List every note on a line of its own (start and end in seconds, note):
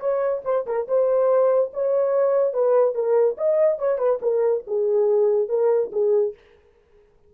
0.00 0.42 C#5
0.44 0.65 C5
0.66 0.87 A#4
0.88 1.71 C5
1.73 2.53 C#5
2.53 2.94 B4
2.94 3.36 A#4
3.37 3.78 D#5
3.78 3.98 C#5
3.98 4.19 B4
4.21 4.63 A#4
4.67 5.49 G#4
5.49 5.90 A#4
5.92 6.34 G#4